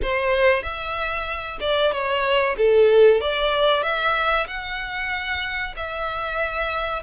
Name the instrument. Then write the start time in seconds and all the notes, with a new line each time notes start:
violin
0.02 C5
0.62 E5
1.60 D5
1.92 C#5
2.57 A4
3.20 D5
3.83 E5
4.47 F#5
5.76 E5